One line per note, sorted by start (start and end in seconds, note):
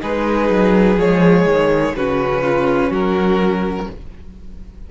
0.00 0.49 G#3
0.00 0.97 D#4
0.00 1.95 G#4
0.00 0.99 B4
0.49 0.97 F#3
0.97 1.45 F3
0.97 1.96 G#3
0.97 1.95 C#5
1.45 1.93 D#3
1.95 2.90 C#3
1.95 3.91 C#4
1.95 2.42 F#4
1.95 2.92 B4
2.42 2.90 F4
2.90 3.86 F#3
2.90 3.87 F#4
2.90 3.90 A#4